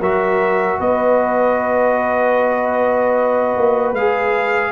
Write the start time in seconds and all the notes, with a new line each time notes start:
0.00 F#3 F#4 A#4 E5
0.80 B3 B4 D#5
3.57 A#3
3.93 G#3 G#4 F5